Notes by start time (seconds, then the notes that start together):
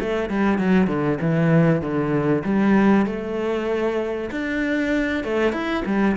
0.00 A3
0.30 G3
0.58 F#3
0.87 D3
1.21 E3
1.81 D3
2.44 G3
3.06 A3
4.31 D4
5.24 A3
5.52 E4
5.85 G3